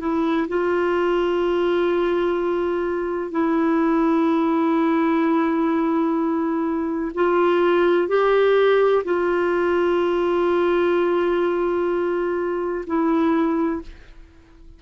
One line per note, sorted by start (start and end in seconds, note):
0.00 0.48 E4
0.48 3.31 F4
3.31 7.12 E4
7.14 8.08 F4
8.08 9.03 G4
9.04 12.85 F4
12.87 13.82 E4